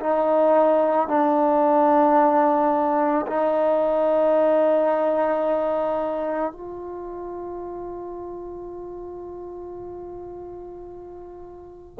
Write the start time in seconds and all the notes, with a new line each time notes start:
0.00 D#4
1.08 D4
3.27 D#4
6.52 F4